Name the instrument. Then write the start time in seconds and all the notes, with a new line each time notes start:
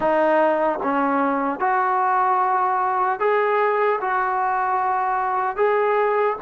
trombone
0.00 D#4
0.83 C#4
1.59 F#4
3.19 G#4
4.00 F#4
5.56 G#4